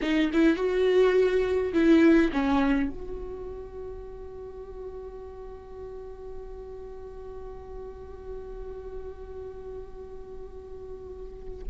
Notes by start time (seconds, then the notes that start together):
0.01 D#4
0.33 E4
0.56 F#4
1.73 E4
2.32 C#4
2.89 F#4